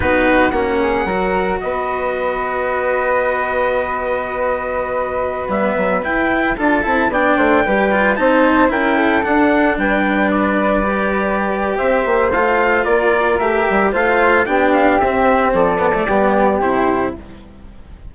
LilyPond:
<<
  \new Staff \with { instrumentName = "trumpet" } { \time 4/4 \tempo 4 = 112 b'4 fis''2 dis''4~ | dis''1~ | dis''2~ dis''16 e''4 g''8.~ | g''16 a''4 g''2 a''8.~ |
a''16 g''4 fis''4 g''4 d''8.~ | d''2 e''4 f''4 | d''4 e''4 f''4 g''8 f''8 | e''4 d''2 c''4 | }
  \new Staff \with { instrumentName = "flute" } { \time 4/4 fis'4. gis'8 ais'4 b'4~ | b'1~ | b'1~ | b'16 a'4 d''8 c''8 b'4 c''8.~ |
c''16 ais'8 a'4. b'4.~ b'16~ | b'2 c''2 | ais'2 c''4 g'4~ | g'4 a'4 g'2 | }
  \new Staff \with { instrumentName = "cello" } { \time 4/4 dis'4 cis'4 fis'2~ | fis'1~ | fis'2~ fis'16 b4 e'8.~ | e'16 f'8 e'8 d'4 g'8 f'8 dis'8.~ |
dis'16 e'4 d'2~ d'8.~ | d'16 g'2~ g'8. f'4~ | f'4 g'4 f'4 d'4 | c'4. b16 a16 b4 e'4 | }
  \new Staff \with { instrumentName = "bassoon" } { \time 4/4 b4 ais4 fis4 b4~ | b1~ | b2~ b16 g8 fis8 e'8.~ | e'16 d'8 c'8 b8 a8 g4 c'8.~ |
c'16 cis'4 d'4 g4.~ g16~ | g2 c'8 ais8 a4 | ais4 a8 g8 a4 b4 | c'4 f4 g4 c4 | }
>>